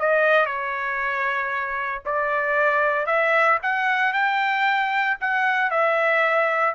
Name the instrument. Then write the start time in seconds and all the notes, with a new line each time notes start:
trumpet
0.00 D#5
0.46 C#5
2.06 D5
3.07 E5
3.63 F#5
4.13 G5
5.21 F#5
5.71 E5